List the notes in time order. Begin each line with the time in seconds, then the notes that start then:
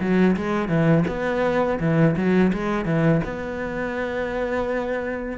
0.00 F#3
0.36 G#3
0.68 E3
1.07 B3
1.80 E3
2.16 F#3
2.52 G#3
2.85 E3
3.24 B3